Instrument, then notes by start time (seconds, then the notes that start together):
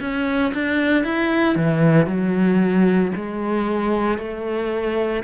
cello
0.00 C#4
0.54 D4
1.04 E4
1.56 E3
2.06 F#3
3.15 G#3
4.18 A3